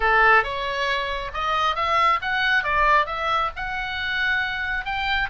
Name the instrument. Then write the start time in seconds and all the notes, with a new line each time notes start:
oboe
0.00 A4
0.43 C#5
1.33 D#5
1.75 E5
2.21 F#5
2.63 D5
3.06 E5
3.55 F#5
4.85 G5